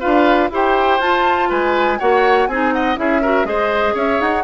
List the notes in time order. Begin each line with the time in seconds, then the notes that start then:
0.00 D4 F4 B4 F5
0.50 E4 G4 C5 G5
1.00 F4 A5
1.50 G#3 B4 G#5
1.99 A#3 F#4 C#5 F#5
2.48 C4 D#4 G#4 G#5
2.73 D#5 F#5
2.97 C#4 E4 G#4 E5
3.22 F#4 A#4
3.45 G#3 G#4 C5 D#5
3.94 C#4 C#5 E5
4.21 D#4 F#5